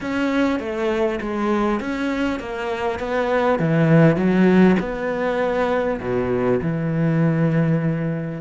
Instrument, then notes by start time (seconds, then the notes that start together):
cello
0.00 C#4
0.59 A3
1.20 G#3
1.80 C#4
2.39 A#3
2.99 B3
3.59 E3
4.16 F#3
4.79 B3
6.00 B2
6.62 E3